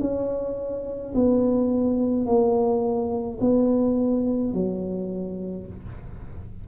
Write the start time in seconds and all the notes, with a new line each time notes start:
0.00 C#4
1.15 B3
2.26 A#3
3.41 B3
4.53 F#3